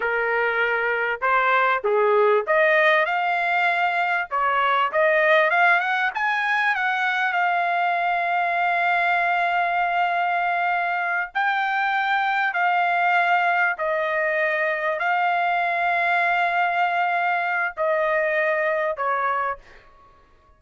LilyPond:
\new Staff \with { instrumentName = "trumpet" } { \time 4/4 \tempo 4 = 98 ais'2 c''4 gis'4 | dis''4 f''2 cis''4 | dis''4 f''8 fis''8 gis''4 fis''4 | f''1~ |
f''2~ f''8 g''4.~ | g''8 f''2 dis''4.~ | dis''8 f''2.~ f''8~ | f''4 dis''2 cis''4 | }